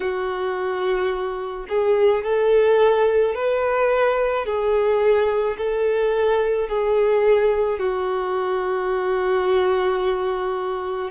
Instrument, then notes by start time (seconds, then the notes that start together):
violin
0.00 F#4
1.68 G#4
2.24 A4
3.34 B4
4.45 G#4
5.57 A4
6.68 G#4
7.79 F#4